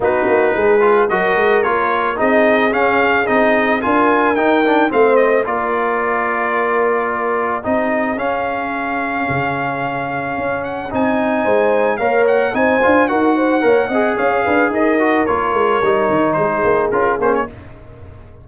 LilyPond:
<<
  \new Staff \with { instrumentName = "trumpet" } { \time 4/4 \tempo 4 = 110 b'2 dis''4 cis''4 | dis''4 f''4 dis''4 gis''4 | g''4 f''8 dis''8 d''2~ | d''2 dis''4 f''4~ |
f''2.~ f''8 fis''8 | gis''2 f''8 fis''8 gis''4 | fis''2 f''4 dis''4 | cis''2 c''4 ais'8 c''16 cis''16 | }
  \new Staff \with { instrumentName = "horn" } { \time 4/4 fis'4 gis'4 ais'2 | gis'2. ais'4~ | ais'4 c''4 ais'2~ | ais'2 gis'2~ |
gis'1~ | gis'4 c''4 cis''4 c''4 | ais'8 c''8 cis''8 dis''8 cis''8 b'8 ais'4~ | ais'2 gis'2 | }
  \new Staff \with { instrumentName = "trombone" } { \time 4/4 dis'4. f'8 fis'4 f'4 | dis'4 cis'4 dis'4 f'4 | dis'8 d'8 c'4 f'2~ | f'2 dis'4 cis'4~ |
cis'1 | dis'2 ais'4 dis'8 f'8 | fis'4 ais'8 gis'2 fis'8 | f'4 dis'2 f'8 cis'8 | }
  \new Staff \with { instrumentName = "tuba" } { \time 4/4 b8 ais8 gis4 fis8 gis8 ais4 | c'4 cis'4 c'4 d'4 | dis'4 a4 ais2~ | ais2 c'4 cis'4~ |
cis'4 cis2 cis'4 | c'4 gis4 ais4 c'8 d'8 | dis'4 ais8 c'8 cis'8 d'8 dis'4 | ais8 gis8 g8 dis8 gis8 ais8 cis'8 ais8 | }
>>